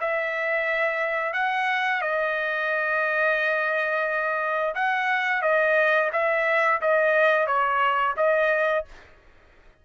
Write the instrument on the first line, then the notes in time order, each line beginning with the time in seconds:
trumpet
0.00 E5
1.33 F#5
2.01 D#5
4.75 F#5
5.42 D#5
6.12 E5
6.81 D#5
7.46 C#5
8.17 D#5